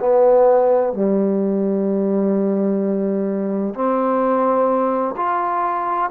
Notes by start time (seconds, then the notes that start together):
0.00 B3
0.93 G3
3.75 C4
5.17 F4